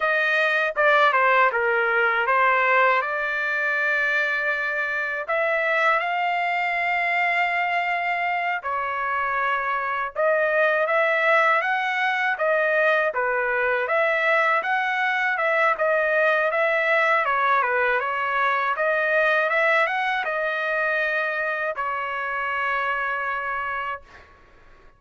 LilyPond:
\new Staff \with { instrumentName = "trumpet" } { \time 4/4 \tempo 4 = 80 dis''4 d''8 c''8 ais'4 c''4 | d''2. e''4 | f''2.~ f''8 cis''8~ | cis''4. dis''4 e''4 fis''8~ |
fis''8 dis''4 b'4 e''4 fis''8~ | fis''8 e''8 dis''4 e''4 cis''8 b'8 | cis''4 dis''4 e''8 fis''8 dis''4~ | dis''4 cis''2. | }